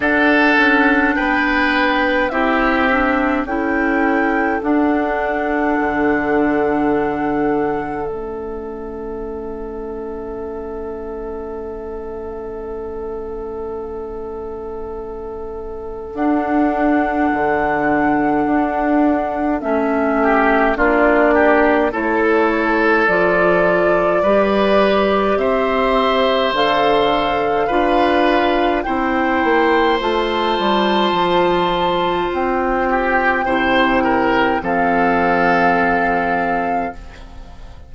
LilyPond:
<<
  \new Staff \with { instrumentName = "flute" } { \time 4/4 \tempo 4 = 52 fis''4 g''4 e''4 g''4 | fis''2. e''4~ | e''1~ | e''2 fis''2~ |
fis''4 e''4 d''4 cis''4 | d''2 e''4 f''4~ | f''4 g''4 a''2 | g''2 f''2 | }
  \new Staff \with { instrumentName = "oboe" } { \time 4/4 a'4 b'4 g'4 a'4~ | a'1~ | a'1~ | a'1~ |
a'4. g'8 f'8 g'8 a'4~ | a'4 b'4 c''2 | b'4 c''2.~ | c''8 g'8 c''8 ais'8 a'2 | }
  \new Staff \with { instrumentName = "clarinet" } { \time 4/4 d'2 e'8 d'8 e'4 | d'2. cis'4~ | cis'1~ | cis'2 d'2~ |
d'4 cis'4 d'4 e'4 | f'4 g'2 a'4 | f'4 e'4 f'2~ | f'4 e'4 c'2 | }
  \new Staff \with { instrumentName = "bassoon" } { \time 4/4 d'8 cis'8 b4 c'4 cis'4 | d'4 d2 a4~ | a1~ | a2 d'4 d4 |
d'4 a4 ais4 a4 | f4 g4 c'4 d4 | d'4 c'8 ais8 a8 g8 f4 | c'4 c4 f2 | }
>>